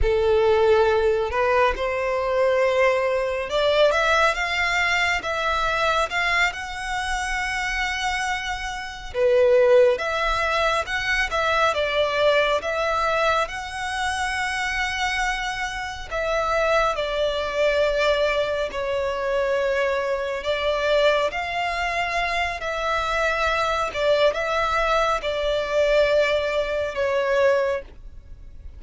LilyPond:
\new Staff \with { instrumentName = "violin" } { \time 4/4 \tempo 4 = 69 a'4. b'8 c''2 | d''8 e''8 f''4 e''4 f''8 fis''8~ | fis''2~ fis''8 b'4 e''8~ | e''8 fis''8 e''8 d''4 e''4 fis''8~ |
fis''2~ fis''8 e''4 d''8~ | d''4. cis''2 d''8~ | d''8 f''4. e''4. d''8 | e''4 d''2 cis''4 | }